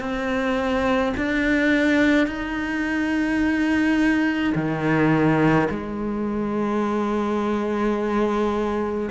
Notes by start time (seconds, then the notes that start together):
0.00 C4
1.17 D4
2.27 D#4
4.55 D#3
5.70 G#3